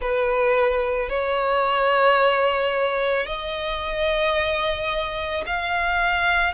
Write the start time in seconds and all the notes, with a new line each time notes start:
0.00 B4
1.09 C#5
3.26 D#5
5.46 F5